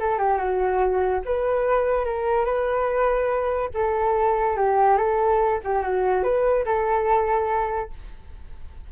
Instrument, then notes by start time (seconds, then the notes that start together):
flute
0.00 A4
0.19 G4
0.38 F#4
1.26 B4
2.05 A#4
2.45 B4
3.75 A4
4.57 G4
4.98 A4
5.64 G4
5.83 F#4
6.24 B4
6.66 A4